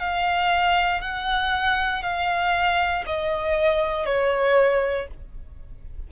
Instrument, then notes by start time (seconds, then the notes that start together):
violin
0.00 F5
1.01 F#5
2.03 F5
3.06 D#5
4.06 C#5